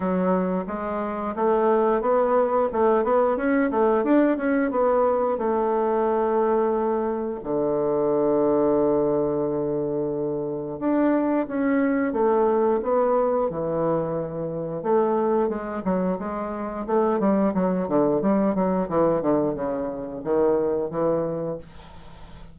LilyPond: \new Staff \with { instrumentName = "bassoon" } { \time 4/4 \tempo 4 = 89 fis4 gis4 a4 b4 | a8 b8 cis'8 a8 d'8 cis'8 b4 | a2. d4~ | d1 |
d'4 cis'4 a4 b4 | e2 a4 gis8 fis8 | gis4 a8 g8 fis8 d8 g8 fis8 | e8 d8 cis4 dis4 e4 | }